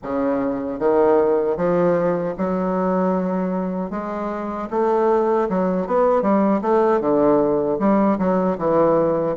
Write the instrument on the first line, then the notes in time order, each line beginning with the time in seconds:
bassoon
0.02 C#3
0.79 D#3
1.56 F3
2.37 F#3
3.90 G#3
4.70 A3
5.49 F#3
5.86 B3
6.21 G3
6.61 A3
7.00 D3
7.79 G3
8.18 F#3
8.58 E3